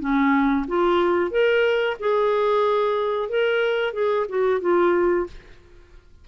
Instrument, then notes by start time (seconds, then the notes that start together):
clarinet
0.00 C#4
0.68 F4
1.31 A#4
2.00 G#4
3.29 A#4
3.93 G#4
4.29 F#4
4.61 F4